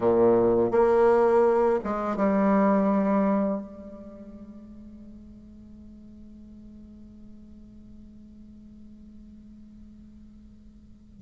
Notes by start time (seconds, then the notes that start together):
0.00 A#2
0.71 A#3
1.83 G#3
2.16 G3
3.60 G#3